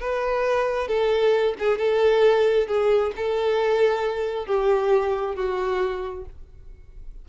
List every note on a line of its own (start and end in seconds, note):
0.00 0.88 B4
0.88 1.55 A4
1.59 1.78 G#4
1.78 2.67 A4
2.67 3.12 G#4
3.16 4.46 A4
4.46 5.35 G4
5.35 6.25 F#4